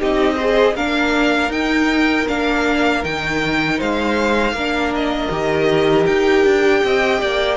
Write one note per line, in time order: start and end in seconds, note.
0.00 0.75 C4
0.00 0.38 D#4
0.00 0.35 G4
0.00 0.76 D#5
0.35 0.77 G#4
0.35 0.73 C5
0.75 1.49 A#3
0.75 1.50 D4
0.75 3.78 A#4
0.75 1.52 F5
1.49 2.25 D#4
1.49 2.26 D#4
1.49 2.28 G5
2.27 3.05 A#3
2.27 3.03 D4
2.27 3.04 F5
3.03 3.81 D#3
3.03 4.55 D#4
3.03 3.80 G5
3.78 4.53 G#3
3.78 4.54 C5
3.78 4.94 F5
4.53 5.29 A#3
4.53 5.32 D4
4.53 6.81 A#4
4.95 6.06 D#5
5.30 6.06 D#3
5.30 7.57 G4
6.06 6.45 D#4
6.06 7.57 G5
6.45 6.83 D4
6.84 7.22 C4
6.84 7.21 D#5
7.21 7.57 A#3
7.21 7.57 D5